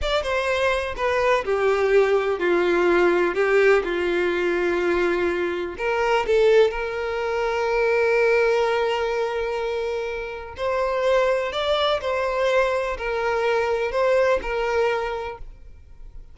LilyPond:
\new Staff \with { instrumentName = "violin" } { \time 4/4 \tempo 4 = 125 d''8 c''4. b'4 g'4~ | g'4 f'2 g'4 | f'1 | ais'4 a'4 ais'2~ |
ais'1~ | ais'2 c''2 | d''4 c''2 ais'4~ | ais'4 c''4 ais'2 | }